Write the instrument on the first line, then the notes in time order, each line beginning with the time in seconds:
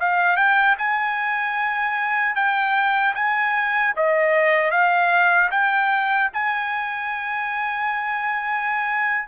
trumpet
0.00 F5
0.37 G5
0.78 G#5
2.35 G5
3.15 G#5
3.96 D#5
4.71 F5
5.51 G5
6.33 G#5